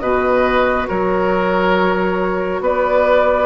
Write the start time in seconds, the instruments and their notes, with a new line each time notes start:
0.00 bassoon B2, clarinet F#4, oboe B4, flute D#5
0.88 bassoon F#3, oboe A#4, flute C#5
2.61 bassoon B3, oboe B4, flute D5